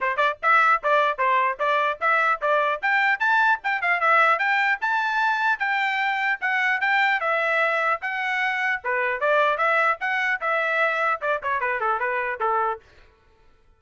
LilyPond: \new Staff \with { instrumentName = "trumpet" } { \time 4/4 \tempo 4 = 150 c''8 d''8 e''4 d''4 c''4 | d''4 e''4 d''4 g''4 | a''4 g''8 f''8 e''4 g''4 | a''2 g''2 |
fis''4 g''4 e''2 | fis''2 b'4 d''4 | e''4 fis''4 e''2 | d''8 cis''8 b'8 a'8 b'4 a'4 | }